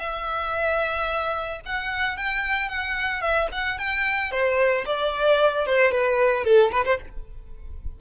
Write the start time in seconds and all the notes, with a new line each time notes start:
0.00 E5
1.66 F#5
2.17 G5
2.69 F#5
3.21 E5
3.52 F#5
3.79 G5
4.31 C5
4.86 D5
5.66 C5
5.92 B4
6.45 A4
6.72 B4
6.85 C5